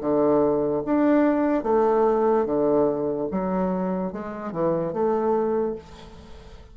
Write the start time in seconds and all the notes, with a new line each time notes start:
0.00 D3
0.85 D4
1.63 A3
2.45 D3
3.31 F#3
4.12 G#3
4.51 E3
4.92 A3